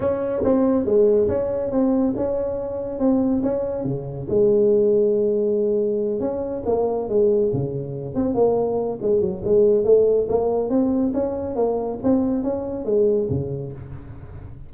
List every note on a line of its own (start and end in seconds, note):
0.00 0.42 C#4
0.44 0.85 C4
0.85 1.28 G#3
1.28 1.71 C#4
1.71 2.14 C4
2.16 2.99 C#4
2.99 3.42 C4
3.42 3.84 C#4
3.84 4.27 C#3
4.29 6.20 G#3
6.20 6.63 C#4
6.65 7.08 A#3
7.09 7.51 G#3
7.53 8.14 C#3
8.14 8.34 C4
8.34 8.98 A#3
9.01 9.20 G#3
9.20 9.42 F#3
9.44 9.84 G#3
9.84 10.27 A3
10.29 10.69 A#3
10.69 11.12 C4
11.13 11.55 C#4
11.55 11.98 A#3
12.03 12.43 C4
12.43 12.85 C#4
12.85 13.28 G#3
13.29 13.72 C#3